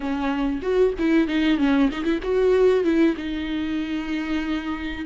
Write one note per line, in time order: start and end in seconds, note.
0.00 0.61 C#4
0.61 0.93 F#4
0.98 1.27 E4
1.27 1.58 D#4
1.58 1.89 C#4
1.91 2.04 D#4
2.04 2.19 E4
2.22 2.83 F#4
2.83 3.15 E4
3.16 5.05 D#4